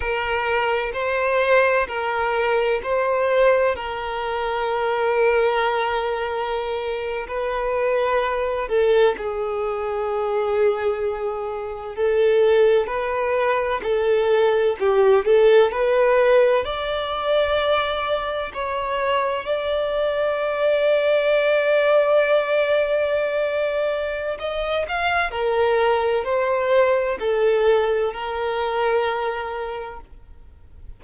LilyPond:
\new Staff \with { instrumentName = "violin" } { \time 4/4 \tempo 4 = 64 ais'4 c''4 ais'4 c''4 | ais'2.~ ais'8. b'16~ | b'4~ b'16 a'8 gis'2~ gis'16~ | gis'8. a'4 b'4 a'4 g'16~ |
g'16 a'8 b'4 d''2 cis''16~ | cis''8. d''2.~ d''16~ | d''2 dis''8 f''8 ais'4 | c''4 a'4 ais'2 | }